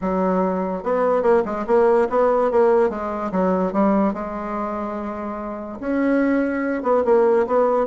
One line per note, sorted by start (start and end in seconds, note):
0.01 0.83 F#3
0.83 1.22 B3
1.22 1.43 A#3
1.45 1.65 G#3
1.66 2.08 A#3
2.09 2.51 B3
2.51 2.89 A#3
2.89 3.31 G#3
3.31 3.72 F#3
3.72 4.13 G3
4.13 5.79 G#3
5.80 6.82 C#4
6.82 7.03 B3
7.05 7.46 A#3
7.47 7.86 B3